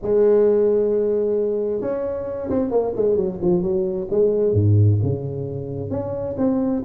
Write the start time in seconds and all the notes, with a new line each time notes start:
0.01 G#3
1.81 C#4
2.50 C4
2.70 A#3
2.96 G#3
3.16 F#3
3.41 F3
3.62 F#3
4.10 G#3
4.53 G#2
5.02 C#3
5.90 C#4
6.37 C4